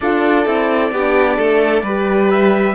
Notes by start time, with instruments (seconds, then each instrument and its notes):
0.00 cello D4, horn F4, violin A4, trumpet D5
0.46 cello C4, horn E4
0.91 cello B3, horn D4, violin G4
1.36 cello A3, violin A4
1.82 cello G3, horn G4, violin B4
2.30 trumpet E5